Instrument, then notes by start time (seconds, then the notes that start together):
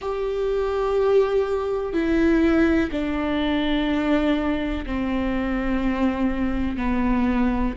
viola
0.01 G4
1.93 E4
2.91 D4
4.86 C4
6.77 B3